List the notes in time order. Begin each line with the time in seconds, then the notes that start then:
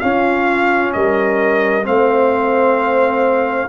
0.00 C#4 F4 F5
0.93 G3 A#4 D#5
1.83 A3 C4 C5 F5